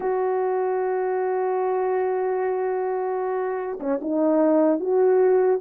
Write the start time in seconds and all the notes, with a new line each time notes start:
0.00 F#4
3.80 C#4
4.01 D#4
4.80 F#4